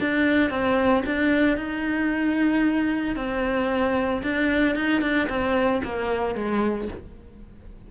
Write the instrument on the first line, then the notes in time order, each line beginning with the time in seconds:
cello
0.00 D4
0.50 C4
1.06 D4
1.57 D#4
3.16 C4
4.23 D4
4.75 D#4
5.01 D4
5.29 C4
5.84 A#3
6.35 G#3